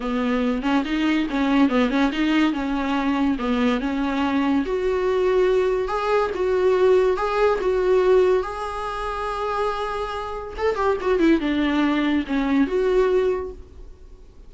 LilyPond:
\new Staff \with { instrumentName = "viola" } { \time 4/4 \tempo 4 = 142 b4. cis'8 dis'4 cis'4 | b8 cis'8 dis'4 cis'2 | b4 cis'2 fis'4~ | fis'2 gis'4 fis'4~ |
fis'4 gis'4 fis'2 | gis'1~ | gis'4 a'8 g'8 fis'8 e'8 d'4~ | d'4 cis'4 fis'2 | }